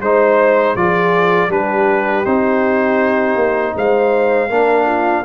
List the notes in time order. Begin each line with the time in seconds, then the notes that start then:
0.00 G#3 D#4 C5
0.75 F3 F4 G#4 D5
1.48 G3 D4 G4 B4
2.24 C4 D#4 C5
3.35 A#3
3.75 G#3 C5 F5
4.49 A#3 D4 A#4
4.85 F4